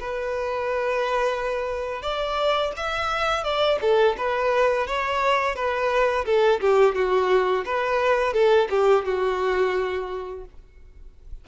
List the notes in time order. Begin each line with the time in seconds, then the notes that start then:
0.00 B4
2.02 D5
2.76 E5
3.44 D5
3.81 A4
4.17 B4
4.87 C#5
5.55 B4
6.25 A4
6.60 G4
6.95 F#4
7.65 B4
8.33 A4
8.70 G4
9.05 F#4